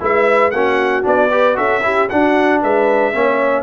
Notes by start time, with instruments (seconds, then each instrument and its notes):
0.00 tuba G#3, trombone E4, horn B4, trumpet E5
0.51 tuba A#3, trombone C#4, horn F#4, trumpet F#5
1.03 tuba B3, trombone D4, trumpet D5
1.31 trombone G4, horn B4
1.55 tuba C#4, trombone F#4, horn A4, trumpet E5
1.83 trombone E4, horn G4
2.09 trombone D4, tuba D4, horn F#4, trumpet F#5
2.61 tuba G#3, horn B4, trumpet E5
3.13 tuba A#3, trombone C#4, horn C#5